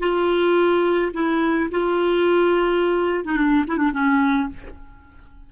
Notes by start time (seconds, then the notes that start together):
0.00 F4
1.14 E4
1.71 F4
3.25 D#4
3.37 D4
3.68 E4
3.78 D4
3.93 C#4